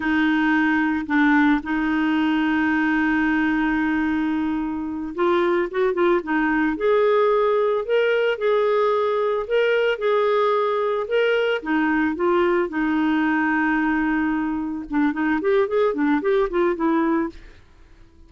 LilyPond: \new Staff \with { instrumentName = "clarinet" } { \time 4/4 \tempo 4 = 111 dis'2 d'4 dis'4~ | dis'1~ | dis'4. f'4 fis'8 f'8 dis'8~ | dis'8 gis'2 ais'4 gis'8~ |
gis'4. ais'4 gis'4.~ | gis'8 ais'4 dis'4 f'4 dis'8~ | dis'2.~ dis'8 d'8 | dis'8 g'8 gis'8 d'8 g'8 f'8 e'4 | }